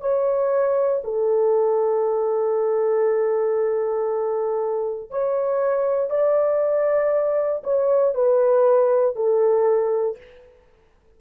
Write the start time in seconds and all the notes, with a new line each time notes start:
0.00 C#5
1.04 A4
5.10 C#5
6.10 D5
7.63 C#5
8.14 B4
9.15 A4